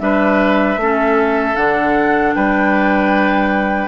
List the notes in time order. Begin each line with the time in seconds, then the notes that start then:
0.00 G3 D4 B4 E5
0.77 A3 C#4 A4
1.56 D3 D4 F#5
2.34 G3 B4 G5